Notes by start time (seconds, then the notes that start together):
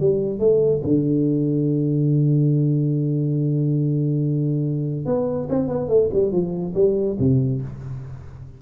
0.00 G3
0.39 A3
0.84 D3
5.06 B3
5.50 C4
5.68 B3
5.88 A3
6.13 G3
6.32 F3
6.75 G3
7.19 C3